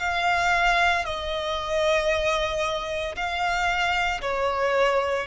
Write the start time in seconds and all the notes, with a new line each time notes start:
0.00 F5
1.06 D#5
3.16 F5
4.22 C#5